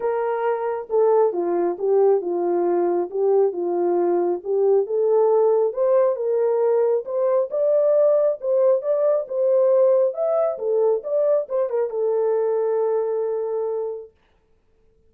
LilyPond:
\new Staff \with { instrumentName = "horn" } { \time 4/4 \tempo 4 = 136 ais'2 a'4 f'4 | g'4 f'2 g'4 | f'2 g'4 a'4~ | a'4 c''4 ais'2 |
c''4 d''2 c''4 | d''4 c''2 e''4 | a'4 d''4 c''8 ais'8 a'4~ | a'1 | }